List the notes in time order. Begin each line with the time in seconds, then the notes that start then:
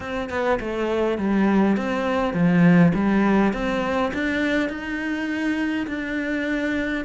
0.00 C4
0.29 B3
0.60 A3
1.17 G3
1.76 C4
2.33 F3
2.94 G3
3.53 C4
4.13 D4
4.69 D#4
5.87 D4